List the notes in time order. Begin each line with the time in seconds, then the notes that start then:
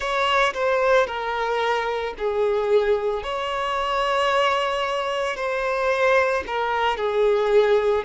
0.00 C#5
0.53 C5
1.07 A#4
2.18 G#4
3.23 C#5
5.36 C5
6.46 A#4
6.96 G#4